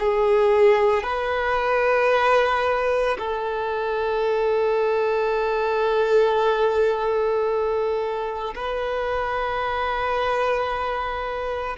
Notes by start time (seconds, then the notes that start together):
0.00 G#4
1.04 B4
3.19 A4
8.56 B4